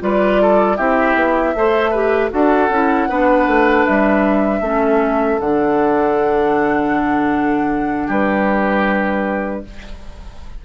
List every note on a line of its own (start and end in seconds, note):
0.00 0.78 G3
0.00 0.77 F4
0.00 0.42 B4
0.00 0.77 D5
0.42 0.77 A4
0.77 1.15 C4
0.77 1.55 E4
0.77 1.54 G4
0.77 2.31 E5
1.15 1.54 B3
1.55 2.32 A3
1.55 1.94 A4
1.55 1.91 C5
1.91 2.30 G4
1.91 2.29 B4
2.30 2.69 D4
2.30 2.69 F#4
2.30 3.09 A4
2.30 3.86 F#5
2.69 3.08 C#4
2.69 3.10 E4
3.09 3.47 B3
3.09 4.63 D4
3.09 4.62 B4
3.47 3.85 A3
3.86 4.61 G3
3.86 5.40 E5
4.61 5.38 A3
4.61 5.40 C#4
4.61 8.07 A4
5.40 8.09 D3
5.40 9.65 D4
5.40 8.09 F#5
8.07 9.63 G3
8.07 9.61 G4
8.07 9.65 B4